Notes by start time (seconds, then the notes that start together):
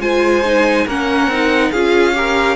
0.00 G#3 F4 C5 G#5
0.45 D#4
0.86 A#3 C#4 A#4 F#5
1.27 C4 D#4
1.71 C#4 F4 G#4 F5
2.14 G4 A#4